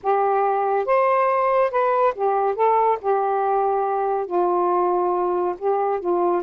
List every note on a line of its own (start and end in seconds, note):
0.02 0.85 G4
0.85 1.70 C5
1.70 2.13 B4
2.14 2.55 G4
2.55 2.98 A4
3.01 4.26 G4
4.26 5.55 F4
5.58 6.00 G4
6.00 6.42 F4